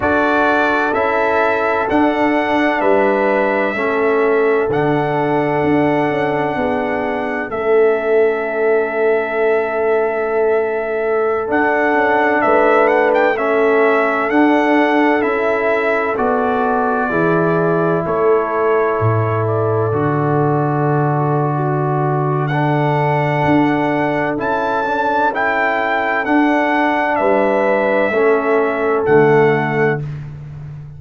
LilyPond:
<<
  \new Staff \with { instrumentName = "trumpet" } { \time 4/4 \tempo 4 = 64 d''4 e''4 fis''4 e''4~ | e''4 fis''2. | e''1~ | e''16 fis''4 e''8 fis''16 g''16 e''4 fis''8.~ |
fis''16 e''4 d''2 cis''8.~ | cis''8. d''2.~ d''16 | fis''2 a''4 g''4 | fis''4 e''2 fis''4 | }
  \new Staff \with { instrumentName = "horn" } { \time 4/4 a'2. b'4 | a'2. gis'4 | a'1~ | a'4~ a'16 b'4 a'4.~ a'16~ |
a'2~ a'16 gis'4 a'8.~ | a'2. fis'4 | a'1~ | a'4 b'4 a'2 | }
  \new Staff \with { instrumentName = "trombone" } { \time 4/4 fis'4 e'4 d'2 | cis'4 d'2. | cis'1~ | cis'16 d'2 cis'4 d'8.~ |
d'16 e'4 fis'4 e'4.~ e'16~ | e'4~ e'16 fis'2~ fis'8. | d'2 e'8 d'8 e'4 | d'2 cis'4 a4 | }
  \new Staff \with { instrumentName = "tuba" } { \time 4/4 d'4 cis'4 d'4 g4 | a4 d4 d'8 cis'8 b4 | a1~ | a16 d'8 cis'8 a2 d'8.~ |
d'16 cis'4 b4 e4 a8.~ | a16 a,4 d2~ d8.~ | d4 d'4 cis'2 | d'4 g4 a4 d4 | }
>>